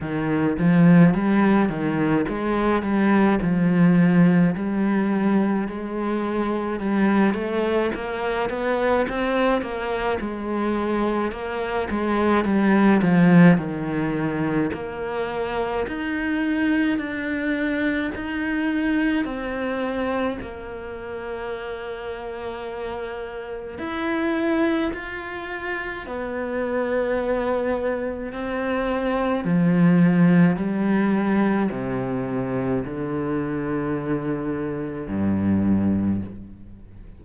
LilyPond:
\new Staff \with { instrumentName = "cello" } { \time 4/4 \tempo 4 = 53 dis8 f8 g8 dis8 gis8 g8 f4 | g4 gis4 g8 a8 ais8 b8 | c'8 ais8 gis4 ais8 gis8 g8 f8 | dis4 ais4 dis'4 d'4 |
dis'4 c'4 ais2~ | ais4 e'4 f'4 b4~ | b4 c'4 f4 g4 | c4 d2 g,4 | }